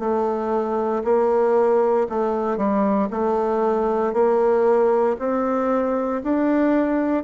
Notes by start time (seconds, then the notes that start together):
0.00 A3
1.04 A#3
2.10 A3
2.58 G3
3.11 A3
4.14 A#3
5.19 C4
6.24 D4